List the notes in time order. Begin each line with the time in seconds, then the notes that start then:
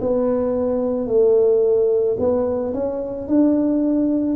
0.00 B3
1.07 A3
2.19 B3
2.74 C#4
3.27 D4